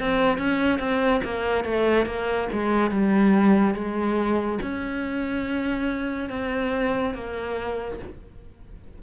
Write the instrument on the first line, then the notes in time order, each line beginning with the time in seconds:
cello
0.00 C4
0.38 C#4
0.80 C4
1.24 A#3
1.65 A3
2.06 A#3
2.53 G#3
2.91 G3
3.75 G#3
4.62 C#4
6.30 C4
7.14 A#3